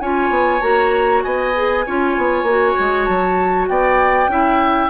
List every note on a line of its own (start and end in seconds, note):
0.00 0.29 C#4
0.00 0.61 F4
0.00 1.24 C#5
0.00 0.61 G#5
0.29 0.60 B3
0.61 1.23 A#3
0.61 1.53 F#4
0.61 1.23 A#5
1.23 1.86 B3
1.23 1.85 D#5
1.23 3.05 G#5
1.55 1.85 G#4
1.85 2.17 C#4
1.85 2.48 F4
1.85 3.69 C#5
2.17 2.42 B3
2.42 2.73 A#3
2.42 4.30 F#4
2.79 3.08 G#3
3.05 3.69 F#3
3.05 3.66 A5
3.67 4.28 B3
3.67 4.30 D5
3.67 4.90 G5
4.28 4.89 C#4
4.28 4.90 E4
4.28 4.90 E5